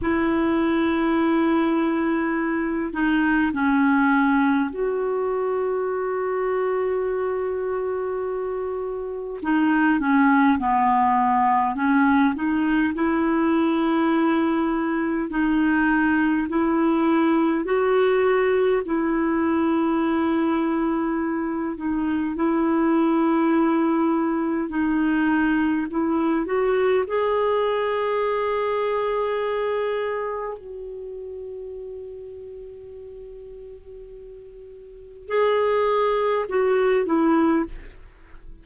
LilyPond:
\new Staff \with { instrumentName = "clarinet" } { \time 4/4 \tempo 4 = 51 e'2~ e'8 dis'8 cis'4 | fis'1 | dis'8 cis'8 b4 cis'8 dis'8 e'4~ | e'4 dis'4 e'4 fis'4 |
e'2~ e'8 dis'8 e'4~ | e'4 dis'4 e'8 fis'8 gis'4~ | gis'2 fis'2~ | fis'2 gis'4 fis'8 e'8 | }